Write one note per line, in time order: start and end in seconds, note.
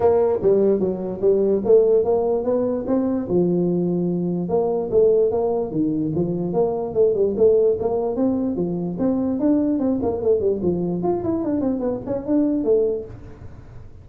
0.00 0.39 A#3
0.42 0.79 G3
0.79 1.20 F#3
1.21 1.62 G3
1.65 2.04 A3
2.04 2.43 A#3
2.43 2.84 B3
2.87 3.27 C4
3.28 4.48 F3
4.48 4.89 A#3
4.90 5.31 A3
5.31 5.71 A#3
5.71 6.12 D#3
6.15 6.53 F3
6.53 6.94 A#3
6.94 7.14 A3
7.14 7.34 G3
7.36 7.77 A3
7.79 8.15 A#3
8.15 8.56 C4
8.56 8.96 F3
8.99 9.39 C4
9.39 9.79 D4
9.79 9.99 C4
10.02 10.22 A#3
10.22 10.40 A3
10.40 10.60 G3
10.62 11.02 F3
11.02 11.23 F4
11.23 11.44 E4
11.44 11.60 D4
11.60 11.79 C4
11.79 12.00 B3
12.06 12.26 C#4
12.26 12.64 D4
12.64 13.04 A3